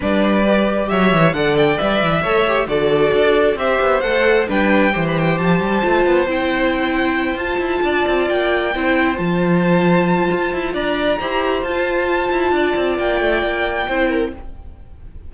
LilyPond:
<<
  \new Staff \with { instrumentName = "violin" } { \time 4/4 \tempo 4 = 134 d''2 e''4 fis''8 g''8 | e''2 d''2 | e''4 fis''4 g''4~ g''16 b''16 g''8 | a''2 g''2~ |
g''8 a''2 g''4.~ | g''8 a''2.~ a''8 | ais''2 a''2~ | a''4 g''2. | }
  \new Staff \with { instrumentName = "violin" } { \time 4/4 b'2 cis''4 d''4~ | d''4 cis''4 a'2 | c''2 b'4 c''4~ | c''1~ |
c''4. d''2 c''8~ | c''1 | d''4 c''2. | d''2. c''8 ais'8 | }
  \new Staff \with { instrumentName = "viola" } { \time 4/4 d'4 g'2 a'4 | b'4 a'8 g'8 fis'2 | g'4 a'4 d'4 g'4~ | g'4 f'4 e'2~ |
e'8 f'2. e'8~ | e'8 f'2.~ f'8~ | f'4 g'4 f'2~ | f'2. e'4 | }
  \new Staff \with { instrumentName = "cello" } { \time 4/4 g2 fis8 e8 d4 | g8 e8 a4 d4 d'4 | c'8 b8 a4 g4 e4 | f8 g8 a8 b8 c'2~ |
c'8 f'8 e'8 d'8 c'8 ais4 c'8~ | c'8 f2~ f8 f'8 e'8 | d'4 e'4 f'4. e'8 | d'8 c'8 ais8 a8 ais4 c'4 | }
>>